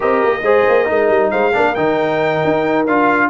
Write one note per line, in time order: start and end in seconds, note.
0.00 0.24 C4
0.00 0.40 G4
0.00 0.42 A#4
0.00 1.30 D#5
0.24 0.42 A#3
0.42 0.64 G#3
0.42 0.85 G#4
0.42 0.88 C5
0.68 0.89 A#3
0.85 1.09 G#3
0.85 1.51 D#4
0.85 1.31 A#4
1.09 1.31 G3
1.30 1.55 G#3
1.30 1.53 C5
1.30 1.74 F5
1.53 1.76 A#3
1.53 1.75 D4
1.53 3.29 A#4
1.74 2.43 D#3
1.74 2.87 D#4
1.74 2.85 G5
2.44 2.87 D#4
2.86 3.29 D4
2.86 3.29 F4
2.86 3.29 F5